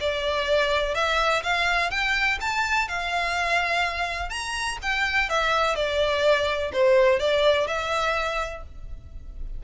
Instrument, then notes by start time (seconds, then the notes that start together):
violin
0.00 D5
0.94 E5
1.43 F5
1.90 G5
2.41 A5
2.88 F5
4.30 A#5
4.82 G5
5.30 E5
5.75 D5
6.73 C5
7.19 D5
7.67 E5